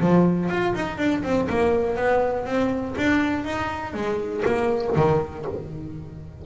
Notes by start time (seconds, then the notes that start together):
0.00 F3
0.49 F4
0.75 D#4
0.98 D4
1.24 C4
1.49 A#3
1.96 B3
2.45 C4
2.98 D4
3.45 D#4
3.94 G#3
4.45 A#3
4.96 D#3